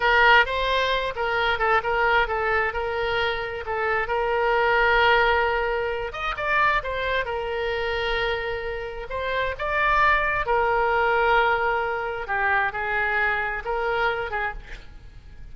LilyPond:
\new Staff \with { instrumentName = "oboe" } { \time 4/4 \tempo 4 = 132 ais'4 c''4. ais'4 a'8 | ais'4 a'4 ais'2 | a'4 ais'2.~ | ais'4. dis''8 d''4 c''4 |
ais'1 | c''4 d''2 ais'4~ | ais'2. g'4 | gis'2 ais'4. gis'8 | }